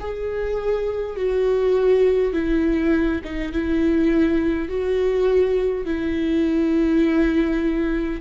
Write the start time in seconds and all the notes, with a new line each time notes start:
0.00 G#4
1.17 F#4
2.34 E4
3.25 D#4
3.52 E4
4.69 F#4
5.86 E4